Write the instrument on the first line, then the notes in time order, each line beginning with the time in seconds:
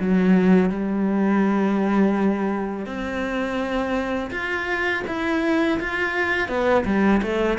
cello
0.00 F#3
0.70 G3
2.86 C4
4.31 F4
5.08 E4
5.80 F4
6.49 B3
6.85 G3
7.23 A3